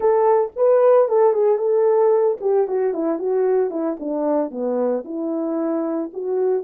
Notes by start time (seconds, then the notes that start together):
0.00 A4
0.56 B4
1.08 A4
1.33 G#4
1.58 A4
2.41 G4
2.67 F#4
2.93 E4
3.19 F#4
3.70 E4
3.99 D4
4.51 B3
5.04 E4
6.13 F#4